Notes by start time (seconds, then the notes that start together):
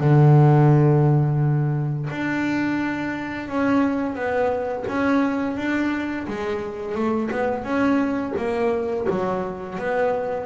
0.00 D3
2.10 D4
3.48 C#4
4.15 B3
4.88 C#4
5.57 D4
6.28 G#3
6.95 A3
7.31 B3
7.64 C#4
8.38 A#3
9.10 F#3
9.79 B3